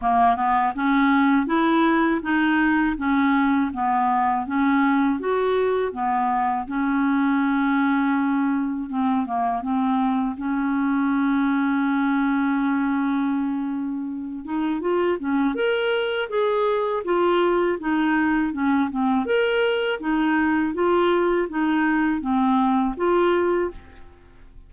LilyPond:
\new Staff \with { instrumentName = "clarinet" } { \time 4/4 \tempo 4 = 81 ais8 b8 cis'4 e'4 dis'4 | cis'4 b4 cis'4 fis'4 | b4 cis'2. | c'8 ais8 c'4 cis'2~ |
cis'2.~ cis'8 dis'8 | f'8 cis'8 ais'4 gis'4 f'4 | dis'4 cis'8 c'8 ais'4 dis'4 | f'4 dis'4 c'4 f'4 | }